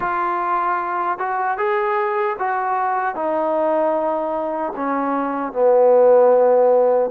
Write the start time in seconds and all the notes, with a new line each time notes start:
0.00 F4
1.18 F#4
1.57 G#4
2.39 F#4
3.15 D#4
4.76 C#4
5.52 B3